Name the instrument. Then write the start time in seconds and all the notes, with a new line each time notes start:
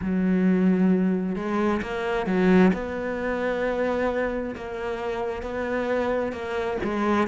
cello
0.01 F#3
1.35 G#3
1.82 A#3
2.26 F#3
2.73 B3
4.55 A#3
5.42 B3
6.32 A#3
6.83 G#3